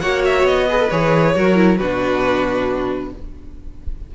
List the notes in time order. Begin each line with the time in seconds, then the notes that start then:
0.00 A#3 F#4 C#5 F#5
0.25 E5
0.43 B3 D#5
0.68 G#4 B4
0.79 A4
0.91 E3 G#4 C#5
1.35 F#3 F#4 A#4
1.56 E4
1.77 B2 D4 F#4 B4